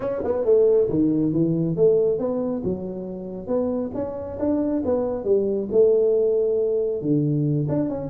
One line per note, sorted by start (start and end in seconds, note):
0.00 0.22 C#4
0.23 0.44 B3
0.44 0.88 A3
0.89 1.32 D#3
1.32 1.76 E3
1.76 2.18 A3
2.18 2.62 B3
2.64 3.47 F#3
3.47 3.90 B3
3.94 4.38 C#4
4.39 4.83 D4
4.85 5.24 B3
5.24 5.68 G3
5.71 7.01 A3
7.01 7.67 D3
7.68 7.89 D4
7.89 8.10 C#4